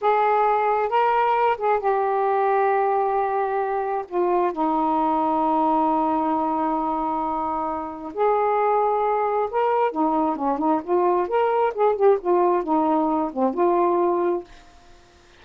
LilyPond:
\new Staff \with { instrumentName = "saxophone" } { \time 4/4 \tempo 4 = 133 gis'2 ais'4. gis'8 | g'1~ | g'4 f'4 dis'2~ | dis'1~ |
dis'2 gis'2~ | gis'4 ais'4 dis'4 cis'8 dis'8 | f'4 ais'4 gis'8 g'8 f'4 | dis'4. c'8 f'2 | }